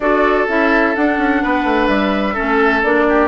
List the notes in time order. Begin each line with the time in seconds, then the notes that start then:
0.00 D4 F#4 A4 D5
0.48 C#4 E4 E5
0.95 D4 F#5
1.17 C#4
1.43 B3 B4
1.64 A3
1.87 G3 E5
2.33 C#4 A4
2.41 A3
2.82 A#3 D4 D5
3.09 G4